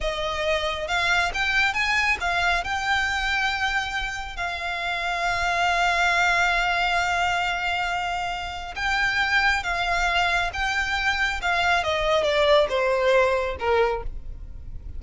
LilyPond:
\new Staff \with { instrumentName = "violin" } { \time 4/4 \tempo 4 = 137 dis''2 f''4 g''4 | gis''4 f''4 g''2~ | g''2 f''2~ | f''1~ |
f''1 | g''2 f''2 | g''2 f''4 dis''4 | d''4 c''2 ais'4 | }